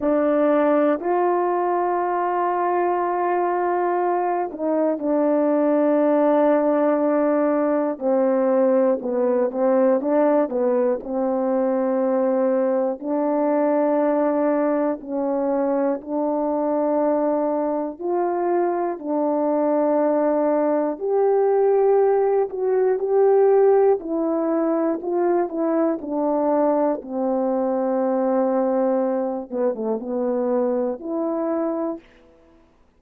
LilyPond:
\new Staff \with { instrumentName = "horn" } { \time 4/4 \tempo 4 = 60 d'4 f'2.~ | f'8 dis'8 d'2. | c'4 b8 c'8 d'8 b8 c'4~ | c'4 d'2 cis'4 |
d'2 f'4 d'4~ | d'4 g'4. fis'8 g'4 | e'4 f'8 e'8 d'4 c'4~ | c'4. b16 a16 b4 e'4 | }